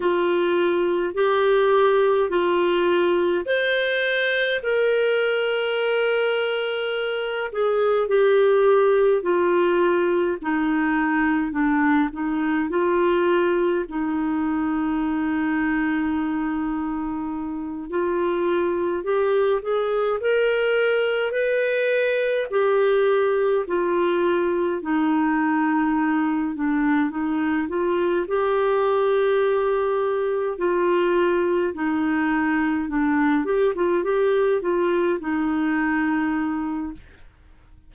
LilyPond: \new Staff \with { instrumentName = "clarinet" } { \time 4/4 \tempo 4 = 52 f'4 g'4 f'4 c''4 | ais'2~ ais'8 gis'8 g'4 | f'4 dis'4 d'8 dis'8 f'4 | dis'2.~ dis'8 f'8~ |
f'8 g'8 gis'8 ais'4 b'4 g'8~ | g'8 f'4 dis'4. d'8 dis'8 | f'8 g'2 f'4 dis'8~ | dis'8 d'8 g'16 f'16 g'8 f'8 dis'4. | }